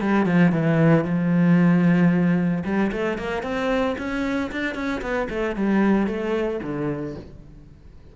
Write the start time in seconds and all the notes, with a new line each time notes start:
0.00 G3
0.26 F3
0.52 E3
1.04 F3
2.64 G3
2.92 A3
3.18 A#3
3.43 C4
3.98 C#4
4.51 D4
4.74 C#4
5.01 B3
5.29 A3
5.56 G3
6.07 A3
6.63 D3